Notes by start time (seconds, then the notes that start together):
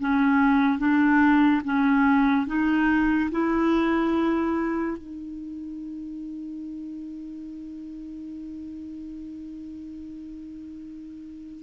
0.00 C#4
0.79 D4
1.64 C#4
2.47 D#4
3.31 E4
4.98 D#4